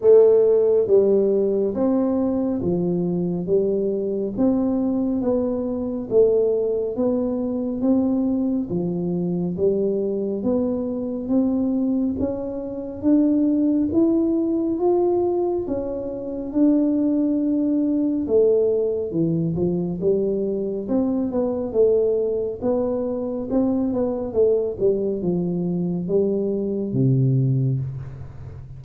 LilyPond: \new Staff \with { instrumentName = "tuba" } { \time 4/4 \tempo 4 = 69 a4 g4 c'4 f4 | g4 c'4 b4 a4 | b4 c'4 f4 g4 | b4 c'4 cis'4 d'4 |
e'4 f'4 cis'4 d'4~ | d'4 a4 e8 f8 g4 | c'8 b8 a4 b4 c'8 b8 | a8 g8 f4 g4 c4 | }